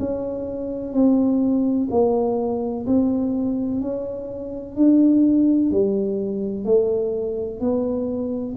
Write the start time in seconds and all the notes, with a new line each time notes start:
0.00 C#4
0.94 C4
1.91 A#3
2.87 C4
3.81 C#4
4.76 D4
5.71 G3
6.65 A3
7.61 B3